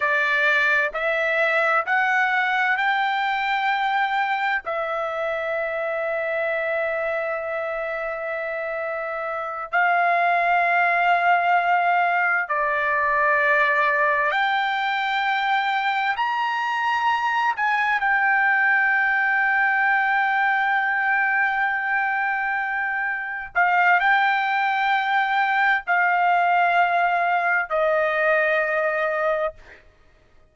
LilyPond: \new Staff \with { instrumentName = "trumpet" } { \time 4/4 \tempo 4 = 65 d''4 e''4 fis''4 g''4~ | g''4 e''2.~ | e''2~ e''8 f''4.~ | f''4. d''2 g''8~ |
g''4. ais''4. gis''8 g''8~ | g''1~ | g''4. f''8 g''2 | f''2 dis''2 | }